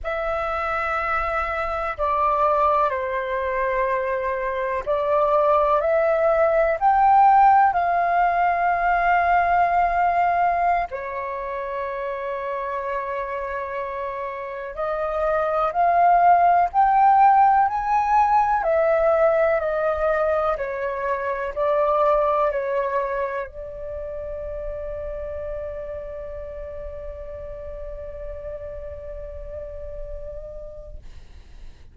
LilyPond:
\new Staff \with { instrumentName = "flute" } { \time 4/4 \tempo 4 = 62 e''2 d''4 c''4~ | c''4 d''4 e''4 g''4 | f''2.~ f''16 cis''8.~ | cis''2.~ cis''16 dis''8.~ |
dis''16 f''4 g''4 gis''4 e''8.~ | e''16 dis''4 cis''4 d''4 cis''8.~ | cis''16 d''2.~ d''8.~ | d''1 | }